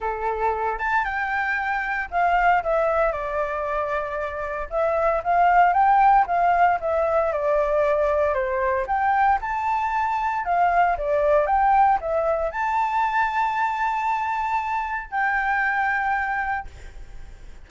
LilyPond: \new Staff \with { instrumentName = "flute" } { \time 4/4 \tempo 4 = 115 a'4. a''8 g''2 | f''4 e''4 d''2~ | d''4 e''4 f''4 g''4 | f''4 e''4 d''2 |
c''4 g''4 a''2 | f''4 d''4 g''4 e''4 | a''1~ | a''4 g''2. | }